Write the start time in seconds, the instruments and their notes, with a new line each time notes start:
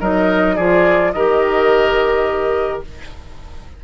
0.00 bassoon F#3, clarinet D#4, oboe A#4, flute D#5
0.55 bassoon F3, clarinet F4, oboe G#4, flute D5
1.12 bassoon D#3, clarinet G4, oboe A#4, flute D#5